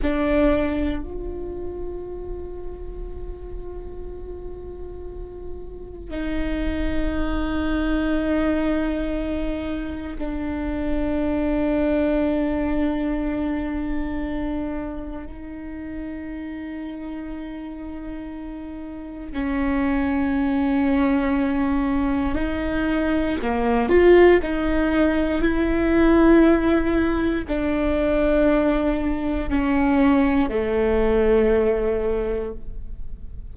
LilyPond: \new Staff \with { instrumentName = "viola" } { \time 4/4 \tempo 4 = 59 d'4 f'2.~ | f'2 dis'2~ | dis'2 d'2~ | d'2. dis'4~ |
dis'2. cis'4~ | cis'2 dis'4 ais8 f'8 | dis'4 e'2 d'4~ | d'4 cis'4 a2 | }